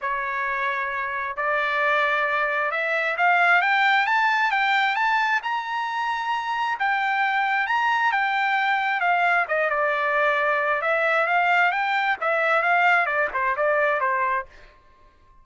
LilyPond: \new Staff \with { instrumentName = "trumpet" } { \time 4/4 \tempo 4 = 133 cis''2. d''4~ | d''2 e''4 f''4 | g''4 a''4 g''4 a''4 | ais''2. g''4~ |
g''4 ais''4 g''2 | f''4 dis''8 d''2~ d''8 | e''4 f''4 g''4 e''4 | f''4 d''8 c''8 d''4 c''4 | }